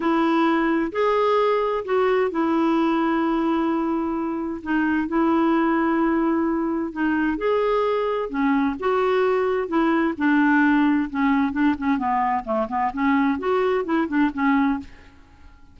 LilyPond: \new Staff \with { instrumentName = "clarinet" } { \time 4/4 \tempo 4 = 130 e'2 gis'2 | fis'4 e'2.~ | e'2 dis'4 e'4~ | e'2. dis'4 |
gis'2 cis'4 fis'4~ | fis'4 e'4 d'2 | cis'4 d'8 cis'8 b4 a8 b8 | cis'4 fis'4 e'8 d'8 cis'4 | }